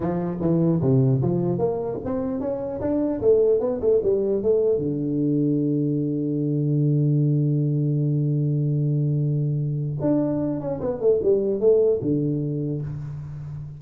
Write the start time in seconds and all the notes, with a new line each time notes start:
0.00 F3
0.40 E3
0.81 C3
1.21 F3
1.58 A#3
2.04 C4
2.40 C#4
2.80 D4
3.21 A3
3.60 B3
3.80 A3
4.02 G3
4.42 A3
4.78 D3
10.00 D4
10.60 C#4
10.80 B3
11.00 A3
11.23 G3
11.59 A3
12.01 D3